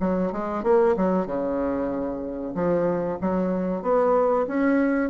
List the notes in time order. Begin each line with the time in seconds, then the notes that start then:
0.00 F#3
0.32 G#3
0.63 A#3
0.96 F#3
1.26 C#3
2.54 F3
3.21 F#3
3.82 B3
4.47 C#4